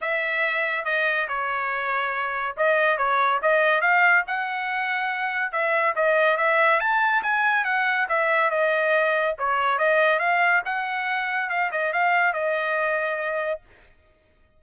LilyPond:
\new Staff \with { instrumentName = "trumpet" } { \time 4/4 \tempo 4 = 141 e''2 dis''4 cis''4~ | cis''2 dis''4 cis''4 | dis''4 f''4 fis''2~ | fis''4 e''4 dis''4 e''4 |
a''4 gis''4 fis''4 e''4 | dis''2 cis''4 dis''4 | f''4 fis''2 f''8 dis''8 | f''4 dis''2. | }